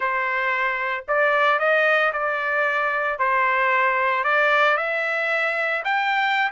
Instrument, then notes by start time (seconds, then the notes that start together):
trumpet
0.00 C5
1.08 D5
1.59 D#5
2.12 D5
3.18 C5
4.24 D5
4.77 E5
5.84 G5